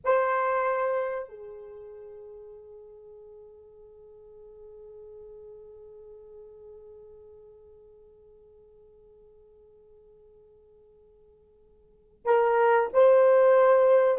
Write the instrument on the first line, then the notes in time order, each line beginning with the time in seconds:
horn
0.04 C5
1.28 G#4
12.25 A#4
12.93 C5